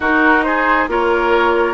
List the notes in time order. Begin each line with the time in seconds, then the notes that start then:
0.00 D#4 F#4 A#4
0.43 G#4 C5
0.87 A#3 F4 A#4 C#5